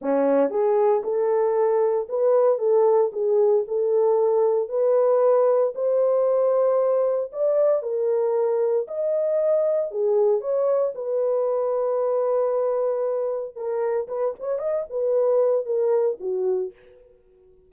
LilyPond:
\new Staff \with { instrumentName = "horn" } { \time 4/4 \tempo 4 = 115 cis'4 gis'4 a'2 | b'4 a'4 gis'4 a'4~ | a'4 b'2 c''4~ | c''2 d''4 ais'4~ |
ais'4 dis''2 gis'4 | cis''4 b'2.~ | b'2 ais'4 b'8 cis''8 | dis''8 b'4. ais'4 fis'4 | }